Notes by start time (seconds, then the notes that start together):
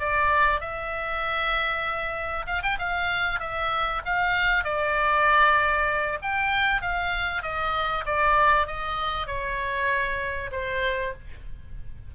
0.00 D5
0.61 E5
2.47 F5
2.63 G5
2.79 F5
3.40 E5
4.05 F5
4.65 D5
6.22 G5
6.82 F5
7.43 D#5
8.06 D5
8.67 D#5
9.27 C#5
10.52 C5